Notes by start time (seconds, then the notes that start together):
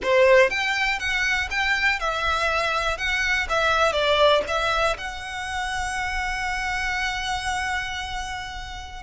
0.02 C5
0.50 G5
0.99 F#5
1.50 G5
1.99 E5
2.97 F#5
3.49 E5
3.92 D5
4.47 E5
4.97 F#5